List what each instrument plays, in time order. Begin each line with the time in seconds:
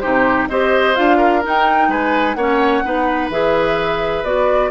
0.00 bassoon C3, clarinet D#4, oboe G4, flute C5
0.49 bassoon C4, clarinet G4, oboe C5, flute D#5
0.96 bassoon D4, clarinet F4, flute F5
1.18 oboe A#4
1.44 clarinet D#4, bassoon D#4, flute G5
1.89 bassoon G#3, oboe B4, flute G#5
2.34 bassoon A#3, clarinet C#4, oboe C#5, flute F#5
2.85 bassoon B3, clarinet D#4, oboe B4
3.30 bassoon E3, clarinet G#4, flute E5
4.24 bassoon B3, clarinet F#4, flute D5